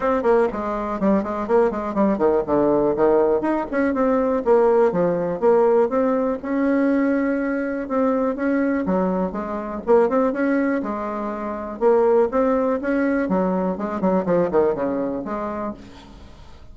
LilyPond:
\new Staff \with { instrumentName = "bassoon" } { \time 4/4 \tempo 4 = 122 c'8 ais8 gis4 g8 gis8 ais8 gis8 | g8 dis8 d4 dis4 dis'8 cis'8 | c'4 ais4 f4 ais4 | c'4 cis'2. |
c'4 cis'4 fis4 gis4 | ais8 c'8 cis'4 gis2 | ais4 c'4 cis'4 fis4 | gis8 fis8 f8 dis8 cis4 gis4 | }